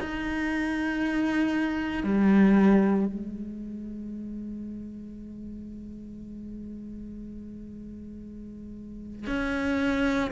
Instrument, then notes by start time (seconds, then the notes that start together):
cello
0.00 D#4
2.03 G3
3.07 G#3
9.27 C#4